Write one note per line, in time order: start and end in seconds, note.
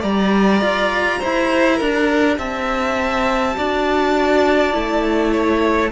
0.00 0.61 G3
0.00 3.55 G4
0.00 1.18 D5
0.00 2.38 A#5
0.61 1.20 F4
1.19 1.80 E4
1.19 1.76 C5
1.76 2.37 D4
1.76 2.35 A#4
2.37 3.55 C4
2.37 3.56 E5
2.37 5.91 A5
3.55 4.74 D4
3.55 4.73 F#4
3.55 5.31 D5
4.73 5.91 A3
4.73 5.90 E4
5.31 5.90 C#5